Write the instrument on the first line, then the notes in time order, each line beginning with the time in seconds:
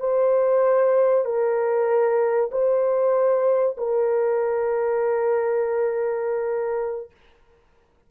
horn
0.00 C5
1.25 A#4
2.52 C5
3.78 A#4